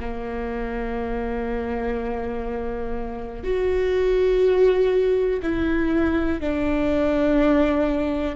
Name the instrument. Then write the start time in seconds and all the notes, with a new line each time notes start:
viola
0.00 A#3
3.43 F#4
5.42 E4
6.41 D4